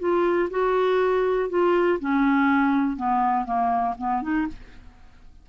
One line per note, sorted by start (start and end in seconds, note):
0.00 0.50 F4
0.51 1.50 F#4
1.50 1.99 F4
2.00 2.97 C#4
2.97 3.45 B3
3.45 3.95 A#3
3.98 4.22 B3
4.22 4.47 D#4